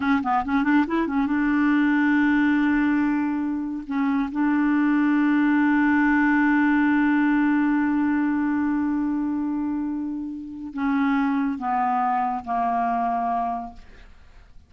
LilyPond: \new Staff \with { instrumentName = "clarinet" } { \time 4/4 \tempo 4 = 140 cis'8 b8 cis'8 d'8 e'8 cis'8 d'4~ | d'1~ | d'4 cis'4 d'2~ | d'1~ |
d'1~ | d'1~ | d'4 cis'2 b4~ | b4 ais2. | }